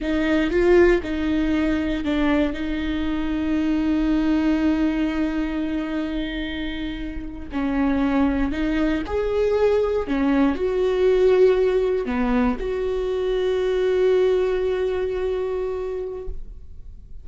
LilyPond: \new Staff \with { instrumentName = "viola" } { \time 4/4 \tempo 4 = 118 dis'4 f'4 dis'2 | d'4 dis'2.~ | dis'1~ | dis'2~ dis'8. cis'4~ cis'16~ |
cis'8. dis'4 gis'2 cis'16~ | cis'8. fis'2. b16~ | b8. fis'2.~ fis'16~ | fis'1 | }